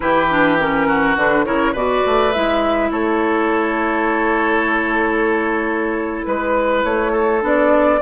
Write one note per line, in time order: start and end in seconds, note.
0.00 1.16 E3
0.00 0.26 E4
0.00 0.87 G4
0.00 0.57 B4
0.30 0.59 D4
0.59 1.17 C#4
0.59 1.17 A#4
0.87 1.45 F#4
1.16 1.45 D3
1.16 1.45 D4
1.16 1.44 B4
1.44 1.73 C#3
1.44 1.74 E4
1.44 1.72 A#4
1.44 1.74 C#5
1.72 2.03 B2
1.72 2.33 F#4
1.72 2.88 B4
1.72 2.32 D5
2.06 2.35 A3
2.32 2.90 G#3
2.32 7.41 E4
2.32 2.90 E5
2.90 6.25 A3
2.90 6.26 A4
2.90 6.23 C#5
6.23 6.83 G#3
6.23 6.82 B4
6.23 7.12 B4
6.83 7.42 A3
6.83 7.42 C#5
7.12 7.99 A4
7.41 8.00 B3
7.41 7.99 D4
7.41 8.01 D5